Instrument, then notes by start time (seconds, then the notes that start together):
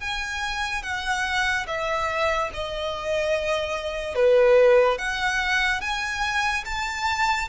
violin
0.00 G#5
0.83 F#5
1.67 E5
2.53 D#5
4.15 B4
4.98 F#5
5.81 G#5
6.65 A5